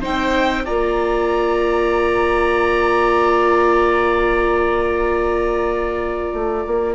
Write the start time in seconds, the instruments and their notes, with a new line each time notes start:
0.00 bassoon C4, viola D#4, oboe C5, violin G5
0.65 bassoon A#3, viola F4, oboe D5, violin A#5
6.33 bassoon A3
6.66 bassoon A#3